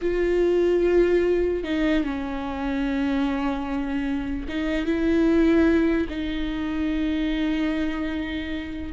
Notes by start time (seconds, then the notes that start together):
0.01 F4
1.63 D#4
2.04 C#4
4.48 D#4
4.85 E4
6.09 D#4